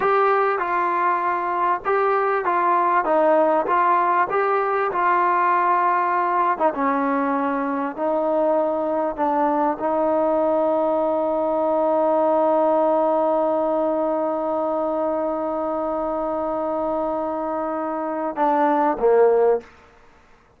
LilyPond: \new Staff \with { instrumentName = "trombone" } { \time 4/4 \tempo 4 = 98 g'4 f'2 g'4 | f'4 dis'4 f'4 g'4 | f'2~ f'8. dis'16 cis'4~ | cis'4 dis'2 d'4 |
dis'1~ | dis'1~ | dis'1~ | dis'2 d'4 ais4 | }